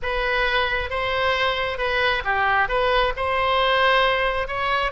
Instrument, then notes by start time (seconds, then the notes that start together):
oboe
0.02 B4
0.90 C5
1.77 B4
2.24 G4
2.68 B4
3.16 C5
4.47 C#5